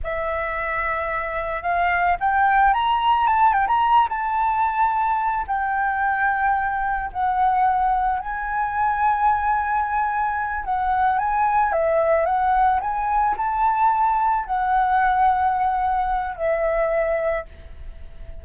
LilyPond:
\new Staff \with { instrumentName = "flute" } { \time 4/4 \tempo 4 = 110 e''2. f''4 | g''4 ais''4 a''8 g''16 ais''8. a''8~ | a''2 g''2~ | g''4 fis''2 gis''4~ |
gis''2.~ gis''8 fis''8~ | fis''8 gis''4 e''4 fis''4 gis''8~ | gis''8 a''2 fis''4.~ | fis''2 e''2 | }